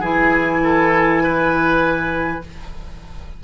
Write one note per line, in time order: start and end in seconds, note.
0.00 2.41 E3
0.00 2.42 E4
0.00 0.60 G#4
0.00 2.44 G#5
0.64 1.24 A4
1.24 2.44 B4